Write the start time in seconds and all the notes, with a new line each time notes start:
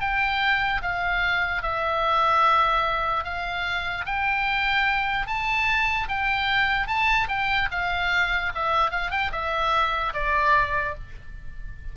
0.00 G5
0.81 F5
1.62 E5
3.24 F5
4.05 G5
5.27 A5
6.08 G5
6.87 A5
7.28 G5
7.71 F5
8.55 E5
8.90 F5
9.10 G5
9.32 E5
10.14 D5